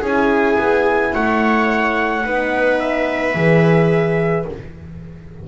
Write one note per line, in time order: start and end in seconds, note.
0.00 0.57 C#4
0.00 2.24 E4
0.00 1.11 G#4
0.00 1.15 G#5
0.58 1.13 B3
1.13 2.25 A3
1.13 2.24 C#5
1.13 2.79 F#5
2.24 3.34 B3
2.24 3.35 D#4
2.24 4.47 B4
2.79 4.46 E5
3.34 4.45 E3
3.34 4.46 G#4